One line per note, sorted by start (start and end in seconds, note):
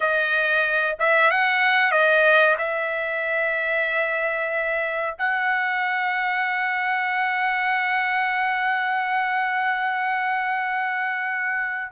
0.00 0.96 D#5
0.99 1.30 E5
1.30 1.91 F#5
1.91 2.56 D#5
2.58 5.16 E5
5.18 11.91 F#5